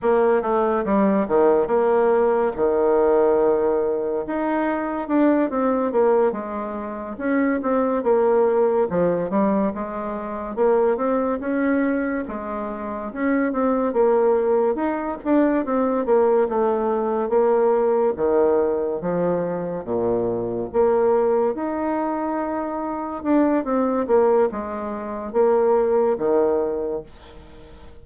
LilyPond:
\new Staff \with { instrumentName = "bassoon" } { \time 4/4 \tempo 4 = 71 ais8 a8 g8 dis8 ais4 dis4~ | dis4 dis'4 d'8 c'8 ais8 gis8~ | gis8 cis'8 c'8 ais4 f8 g8 gis8~ | gis8 ais8 c'8 cis'4 gis4 cis'8 |
c'8 ais4 dis'8 d'8 c'8 ais8 a8~ | a8 ais4 dis4 f4 ais,8~ | ais,8 ais4 dis'2 d'8 | c'8 ais8 gis4 ais4 dis4 | }